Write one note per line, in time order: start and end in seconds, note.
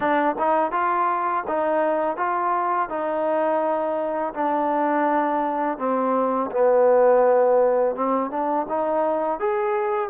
0.00 0.35 D4
0.38 0.71 D#4
0.71 1.44 F4
1.47 2.17 D#4
2.17 2.89 F4
2.89 4.33 D#4
4.34 5.78 D4
5.78 6.50 C4
6.51 7.95 B3
7.95 8.30 C4
8.30 8.66 D4
8.68 9.39 D#4
9.39 10.09 G#4